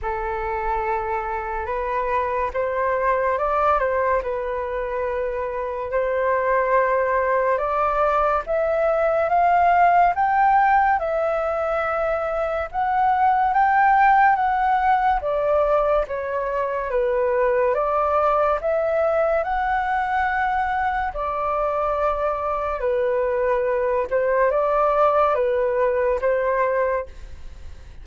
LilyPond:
\new Staff \with { instrumentName = "flute" } { \time 4/4 \tempo 4 = 71 a'2 b'4 c''4 | d''8 c''8 b'2 c''4~ | c''4 d''4 e''4 f''4 | g''4 e''2 fis''4 |
g''4 fis''4 d''4 cis''4 | b'4 d''4 e''4 fis''4~ | fis''4 d''2 b'4~ | b'8 c''8 d''4 b'4 c''4 | }